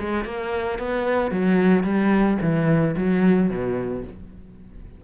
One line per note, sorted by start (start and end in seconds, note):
0.00 0.25 G#3
0.25 0.79 A#3
0.79 1.31 B3
1.31 1.84 F#3
1.84 2.38 G3
2.42 2.96 E3
2.97 3.50 F#3
3.50 4.04 B2